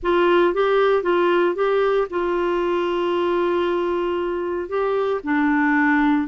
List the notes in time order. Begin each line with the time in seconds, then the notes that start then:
0.02 F4
0.54 G4
1.02 F4
1.55 G4
2.10 F4
4.68 G4
5.23 D4